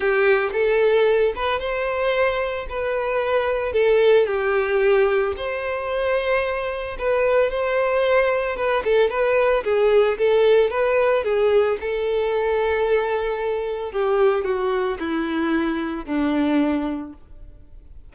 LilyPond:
\new Staff \with { instrumentName = "violin" } { \time 4/4 \tempo 4 = 112 g'4 a'4. b'8 c''4~ | c''4 b'2 a'4 | g'2 c''2~ | c''4 b'4 c''2 |
b'8 a'8 b'4 gis'4 a'4 | b'4 gis'4 a'2~ | a'2 g'4 fis'4 | e'2 d'2 | }